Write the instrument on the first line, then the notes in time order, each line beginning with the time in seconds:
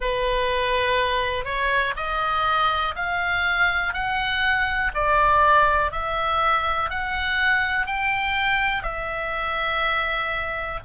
oboe
0.00 B4
1.44 C#5
1.96 D#5
2.95 F5
3.93 F#5
4.94 D5
5.92 E5
6.89 F#5
7.86 G5
8.83 E5